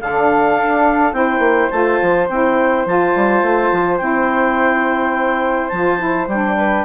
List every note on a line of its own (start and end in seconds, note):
0.00 0.57 D3
0.00 1.13 D4
0.00 1.16 A4
0.00 1.12 F5
0.57 1.12 D4
1.12 1.39 C4
1.12 1.70 E4
1.12 6.57 C5
1.12 1.70 G5
1.39 1.67 A#3
1.70 2.00 A3
1.70 2.28 F4
1.70 2.27 A5
2.01 2.29 F3
2.28 2.85 C4
2.28 2.86 E4
2.28 2.85 G5
2.85 3.14 F3
2.85 3.99 F4
2.85 3.98 A5
3.15 3.42 G3
3.42 3.70 A3
3.72 4.00 F3
3.98 5.71 C4
3.98 5.70 E4
3.98 5.68 G5
5.68 6.27 F3
5.68 5.98 F4
5.68 6.26 A5
5.98 6.27 E4
6.27 6.84 G3
6.27 6.84 D4
6.27 6.84 G5
6.57 6.84 B4